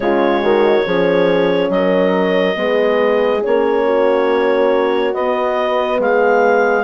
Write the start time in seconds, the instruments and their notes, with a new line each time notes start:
0.00 bassoon C#3, horn G#3 F4, clarinet C#5
0.42 bassoon D#3, horn F#4
0.84 bassoon F3, horn C#4 G#4
1.69 bassoon F#3, clarinet D#5
1.76 horn A#4
2.55 bassoon G#3, horn B3 G#4
3.43 bassoon A#3, horn C#4, clarinet C#5
3.85 horn F#4
5.14 bassoon B3, horn B3, clarinet D#5
5.99 bassoon G#3, horn G#4, clarinet F5